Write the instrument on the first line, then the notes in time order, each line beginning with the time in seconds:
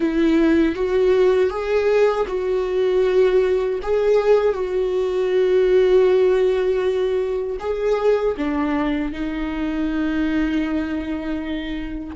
viola
0.00 E4
0.75 F#4
1.49 G#4
2.28 F#4
3.82 G#4
4.53 F#4
7.59 G#4
8.37 D4
9.12 D#4